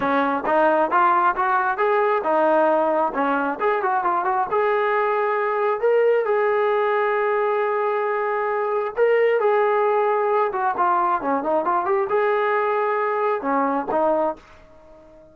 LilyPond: \new Staff \with { instrumentName = "trombone" } { \time 4/4 \tempo 4 = 134 cis'4 dis'4 f'4 fis'4 | gis'4 dis'2 cis'4 | gis'8 fis'8 f'8 fis'8 gis'2~ | gis'4 ais'4 gis'2~ |
gis'1 | ais'4 gis'2~ gis'8 fis'8 | f'4 cis'8 dis'8 f'8 g'8 gis'4~ | gis'2 cis'4 dis'4 | }